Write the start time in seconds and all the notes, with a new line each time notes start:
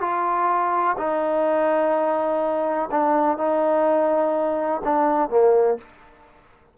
0.00 F4
0.97 D#4
2.91 D4
3.37 D#4
4.84 D4
5.29 A#3